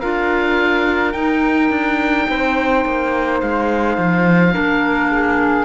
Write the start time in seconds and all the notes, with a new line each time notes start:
0.00 D4 F4 A#4 F5
1.12 D#4 G5
1.70 D4
2.29 C4 C5
2.85 A#3
3.41 G#3 F5
3.98 F3
4.53 A#3 D4 A#4
5.11 G#4